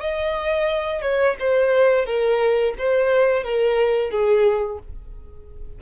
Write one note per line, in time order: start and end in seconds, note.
0.00 1.02 D#5
1.02 1.36 C#5
1.39 2.05 C5
2.05 2.74 A#4
2.78 3.44 C5
3.44 4.10 A#4
4.10 4.79 G#4